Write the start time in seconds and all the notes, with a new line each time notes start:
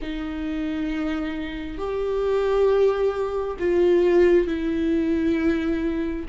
0.01 D#4
1.77 G4
3.59 F4
4.47 E4